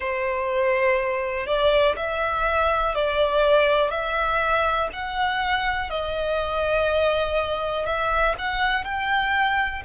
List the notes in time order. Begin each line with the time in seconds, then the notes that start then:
0.00 C5
1.46 D5
1.96 E5
2.94 D5
3.90 E5
4.92 F#5
5.90 D#5
7.86 E5
8.38 F#5
8.84 G5